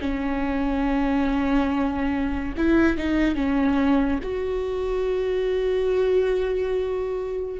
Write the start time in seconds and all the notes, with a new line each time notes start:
0.00 C#4
2.57 E4
2.97 D#4
3.35 C#4
4.23 F#4